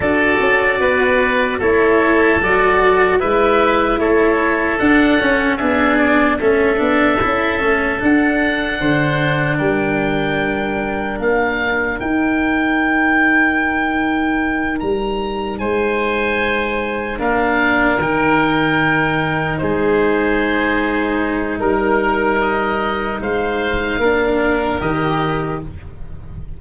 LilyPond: <<
  \new Staff \with { instrumentName = "oboe" } { \time 4/4 \tempo 4 = 75 d''2 cis''4 d''4 | e''4 cis''4 fis''4 e''8 d''8 | e''2 fis''2 | g''2 f''4 g''4~ |
g''2~ g''8 ais''4 gis''8~ | gis''4. f''4 g''4.~ | g''8 c''2~ c''8 ais'4 | dis''4 f''2 dis''4 | }
  \new Staff \with { instrumentName = "oboe" } { \time 4/4 a'4 b'4 a'2 | b'4 a'2 gis'4 | a'2. c''4 | ais'1~ |
ais'2.~ ais'8 c''8~ | c''4. ais'2~ ais'8~ | ais'8 gis'2~ gis'8 ais'4~ | ais'4 c''4 ais'2 | }
  \new Staff \with { instrumentName = "cello" } { \time 4/4 fis'2 e'4 fis'4 | e'2 d'8 cis'8 d'4 | cis'8 d'8 e'8 cis'8 d'2~ | d'2. dis'4~ |
dis'1~ | dis'4. d'4 dis'4.~ | dis'1~ | dis'2 d'4 g'4 | }
  \new Staff \with { instrumentName = "tuba" } { \time 4/4 d'8 cis'8 b4 a4 fis4 | gis4 a4 d'8 cis'8 b4 | a8 b8 cis'8 a8 d'4 d4 | g2 ais4 dis'4~ |
dis'2~ dis'8 g4 gis8~ | gis4. ais4 dis4.~ | dis8 gis2~ gis8 g4~ | g4 gis4 ais4 dis4 | }
>>